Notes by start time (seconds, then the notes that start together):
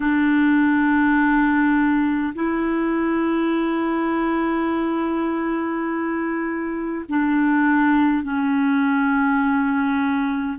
0.00 D4
2.34 E4
7.09 D4
8.23 C#4